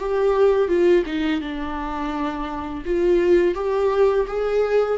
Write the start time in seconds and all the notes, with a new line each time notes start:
0.00 G4
0.69 F4
1.06 D#4
1.42 D4
2.85 F4
3.55 G4
4.28 G#4